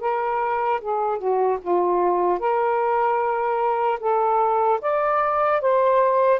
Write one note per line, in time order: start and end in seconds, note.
0.00 0.80 A#4
0.81 1.18 G#4
1.18 1.58 F#4
1.61 2.39 F4
2.39 3.99 A#4
4.00 4.80 A4
4.81 5.61 D5
5.61 6.40 C5